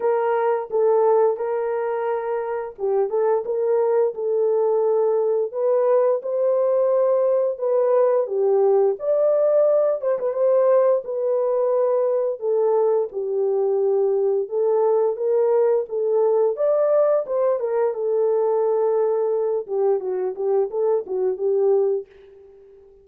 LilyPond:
\new Staff \with { instrumentName = "horn" } { \time 4/4 \tempo 4 = 87 ais'4 a'4 ais'2 | g'8 a'8 ais'4 a'2 | b'4 c''2 b'4 | g'4 d''4. c''16 b'16 c''4 |
b'2 a'4 g'4~ | g'4 a'4 ais'4 a'4 | d''4 c''8 ais'8 a'2~ | a'8 g'8 fis'8 g'8 a'8 fis'8 g'4 | }